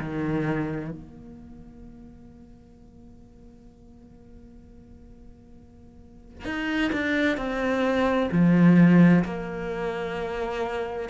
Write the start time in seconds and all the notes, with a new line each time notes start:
0.00 D#3
0.91 A#3
6.45 D#4
6.92 D4
7.37 C4
8.32 F3
9.25 A#3